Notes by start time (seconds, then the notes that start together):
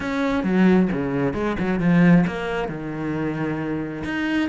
0.00 C#4
0.43 F#3
0.91 C#3
1.33 G#3
1.59 F#3
1.79 F3
2.27 A#3
2.68 D#3
4.04 D#4